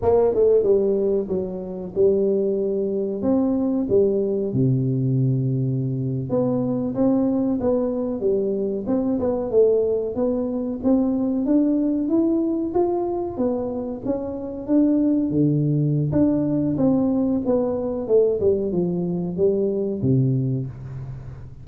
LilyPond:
\new Staff \with { instrumentName = "tuba" } { \time 4/4 \tempo 4 = 93 ais8 a8 g4 fis4 g4~ | g4 c'4 g4 c4~ | c4.~ c16 b4 c'4 b16~ | b8. g4 c'8 b8 a4 b16~ |
b8. c'4 d'4 e'4 f'16~ | f'8. b4 cis'4 d'4 d16~ | d4 d'4 c'4 b4 | a8 g8 f4 g4 c4 | }